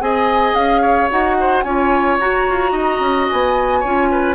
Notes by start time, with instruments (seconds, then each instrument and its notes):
0.00 bassoon C4, clarinet G#4, oboe D#5, flute G#5
0.54 bassoon C#4, flute F5
0.81 oboe C#5
1.09 bassoon D#4, clarinet F#4, flute F#5
1.39 oboe C5
1.62 bassoon C#4, clarinet F4, oboe C#5, flute G#5
2.20 bassoon F#4, clarinet F#4, flute A#5
2.49 bassoon F4
2.72 bassoon D#4, oboe D#5
3.00 bassoon C#4
3.28 bassoon B3, flute G#5
3.80 bassoon C#4, clarinet F4, oboe C#5
4.11 oboe B4